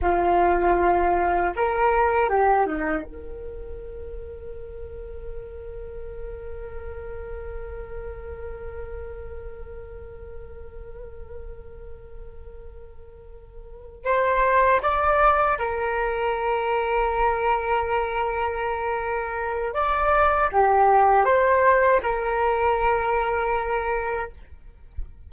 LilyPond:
\new Staff \with { instrumentName = "flute" } { \time 4/4 \tempo 4 = 79 f'2 ais'4 g'8 dis'8 | ais'1~ | ais'1~ | ais'1~ |
ais'2~ ais'8 c''4 d''8~ | d''8 ais'2.~ ais'8~ | ais'2 d''4 g'4 | c''4 ais'2. | }